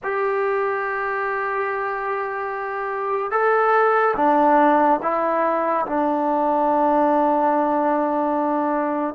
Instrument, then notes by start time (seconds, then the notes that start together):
trombone
0.03 G4
3.31 A4
4.16 D4
5.02 E4
5.86 D4